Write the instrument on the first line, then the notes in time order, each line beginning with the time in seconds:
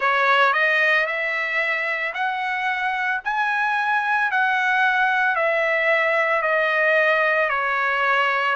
trumpet
0.00 C#5
0.53 D#5
1.06 E5
2.14 F#5
3.24 G#5
4.31 F#5
5.35 E5
6.42 D#5
7.49 C#5